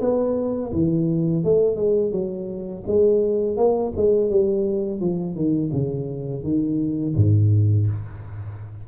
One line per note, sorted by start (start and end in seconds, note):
0.00 0.71 B3
0.72 1.44 E3
1.44 1.75 A3
1.75 2.11 G#3
2.11 2.83 F#3
2.86 3.56 G#3
3.56 3.92 A#3
3.96 4.30 G#3
4.30 5.00 G3
5.00 5.35 F3
5.35 5.70 D#3
5.72 6.43 C#3
6.43 7.14 D#3
7.15 7.87 G#2